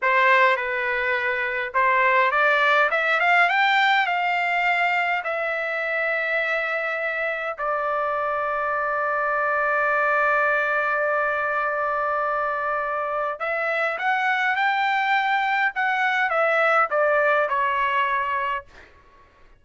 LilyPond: \new Staff \with { instrumentName = "trumpet" } { \time 4/4 \tempo 4 = 103 c''4 b'2 c''4 | d''4 e''8 f''8 g''4 f''4~ | f''4 e''2.~ | e''4 d''2.~ |
d''1~ | d''2. e''4 | fis''4 g''2 fis''4 | e''4 d''4 cis''2 | }